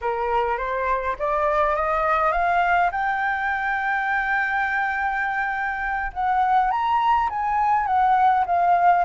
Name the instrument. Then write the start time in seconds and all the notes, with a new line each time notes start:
flute
0.01 A#4
0.57 C5
1.19 D5
1.75 D#5
2.32 F5
2.91 G5
6.13 F#5
6.70 A#5
7.29 G#5
7.86 F#5
8.46 F5